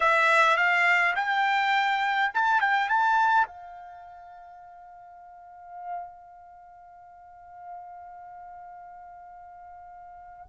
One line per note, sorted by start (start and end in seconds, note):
0.00 0.56 E5
0.56 1.15 F5
1.15 2.32 G5
2.34 2.61 A5
2.61 2.89 G5
2.89 3.47 A5
3.47 10.46 F5